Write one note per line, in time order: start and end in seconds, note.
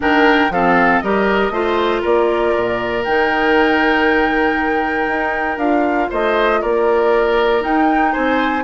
0.00 0.49 D#3
0.00 0.50 D4
0.00 0.52 A#4
0.00 0.52 G5
0.49 1.00 F3
0.49 1.04 C4
0.49 1.03 A4
0.49 1.00 F5
1.00 1.50 G3
1.00 1.52 G4
1.00 1.53 A#4
1.00 2.01 D#5
1.50 2.01 A3
1.50 3.04 F4
1.50 2.01 C5
2.01 2.55 A#3
2.01 6.08 A#4
2.01 3.04 D5
2.55 3.06 A#2
3.04 5.07 D#3
3.04 5.57 D#4
3.04 5.58 G5
5.07 5.57 D#4
5.57 6.08 D4
5.57 7.60 F4
5.57 6.09 F5
6.09 6.62 A3
6.09 6.60 C5
6.09 6.61 D#5
6.61 7.63 A#3
6.61 8.12 A#4
6.61 7.63 D5
7.60 8.62 D#4
7.60 8.14 D#4
7.60 8.13 G5
8.12 8.64 C4
8.12 8.63 C5
8.12 8.64 G#5